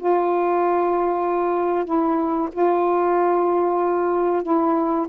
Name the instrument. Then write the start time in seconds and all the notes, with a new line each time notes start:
saxophone
0.00 F4
1.86 E4
2.53 F4
4.44 E4